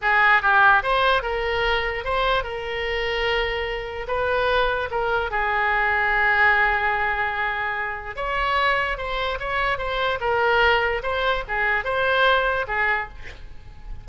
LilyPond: \new Staff \with { instrumentName = "oboe" } { \time 4/4 \tempo 4 = 147 gis'4 g'4 c''4 ais'4~ | ais'4 c''4 ais'2~ | ais'2 b'2 | ais'4 gis'2.~ |
gis'1 | cis''2 c''4 cis''4 | c''4 ais'2 c''4 | gis'4 c''2 gis'4 | }